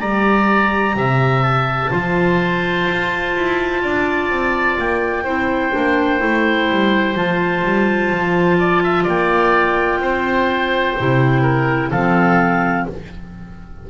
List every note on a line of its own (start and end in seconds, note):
0.00 0.96 G3
0.00 1.91 G4
0.00 0.96 D5
0.00 1.43 A#5
0.96 1.91 C3
0.96 1.91 E5
1.43 4.76 A5
1.91 2.88 F3
1.91 5.24 F4
1.91 3.82 C5
2.88 3.35 F4
3.36 3.84 E4
3.82 4.30 D4
3.82 5.24 D5
4.30 4.77 C4
4.79 5.25 A#3
4.79 7.16 G5
5.24 5.72 C4
5.24 5.72 E4
5.24 8.58 C5
5.72 6.22 A#3
5.72 6.19 D4
6.19 6.70 A3
6.19 7.14 E4
6.70 7.15 G3
7.15 7.63 F3
7.15 10.97 F4
7.15 9.07 A5
7.64 8.11 G3
8.11 9.06 F3
8.59 8.83 D5
8.84 9.04 E5
9.04 9.99 A#3
9.04 9.99 D5
9.04 11.91 G5
9.99 10.95 C4
9.99 11.42 C5
10.99 11.92 C3
10.99 11.94 E4
11.42 11.90 A#4
11.91 12.87 F3
11.91 12.90 C4
11.91 12.86 A4
11.91 12.87 F5